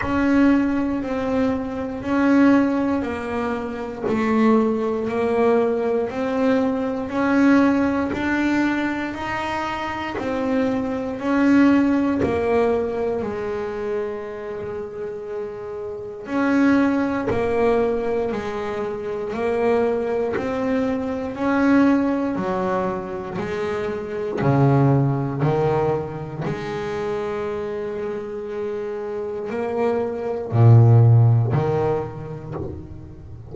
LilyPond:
\new Staff \with { instrumentName = "double bass" } { \time 4/4 \tempo 4 = 59 cis'4 c'4 cis'4 ais4 | a4 ais4 c'4 cis'4 | d'4 dis'4 c'4 cis'4 | ais4 gis2. |
cis'4 ais4 gis4 ais4 | c'4 cis'4 fis4 gis4 | cis4 dis4 gis2~ | gis4 ais4 ais,4 dis4 | }